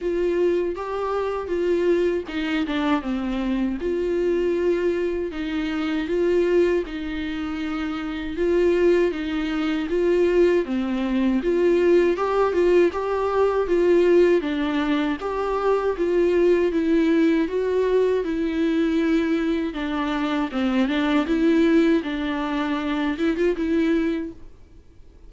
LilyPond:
\new Staff \with { instrumentName = "viola" } { \time 4/4 \tempo 4 = 79 f'4 g'4 f'4 dis'8 d'8 | c'4 f'2 dis'4 | f'4 dis'2 f'4 | dis'4 f'4 c'4 f'4 |
g'8 f'8 g'4 f'4 d'4 | g'4 f'4 e'4 fis'4 | e'2 d'4 c'8 d'8 | e'4 d'4. e'16 f'16 e'4 | }